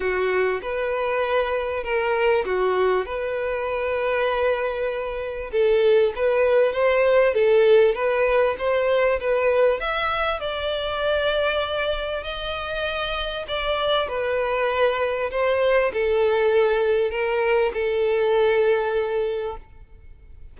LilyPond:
\new Staff \with { instrumentName = "violin" } { \time 4/4 \tempo 4 = 98 fis'4 b'2 ais'4 | fis'4 b'2.~ | b'4 a'4 b'4 c''4 | a'4 b'4 c''4 b'4 |
e''4 d''2. | dis''2 d''4 b'4~ | b'4 c''4 a'2 | ais'4 a'2. | }